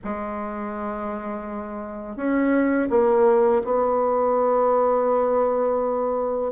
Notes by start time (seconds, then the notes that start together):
0.04 G#3
2.16 C#4
2.89 A#3
3.64 B3